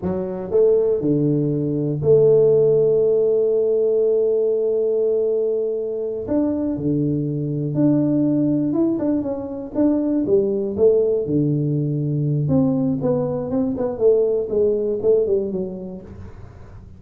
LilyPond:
\new Staff \with { instrumentName = "tuba" } { \time 4/4 \tempo 4 = 120 fis4 a4 d2 | a1~ | a1~ | a8 d'4 d2 d'8~ |
d'4. e'8 d'8 cis'4 d'8~ | d'8 g4 a4 d4.~ | d4 c'4 b4 c'8 b8 | a4 gis4 a8 g8 fis4 | }